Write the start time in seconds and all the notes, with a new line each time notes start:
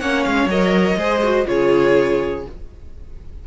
0.00 A#3 C#4 C#5 F#5
0.24 G#3 F5
0.47 F#3 A#4 D#5
0.97 G#3 G#4 C5
1.24 F#4
1.46 C#3 F4 G#4 C#5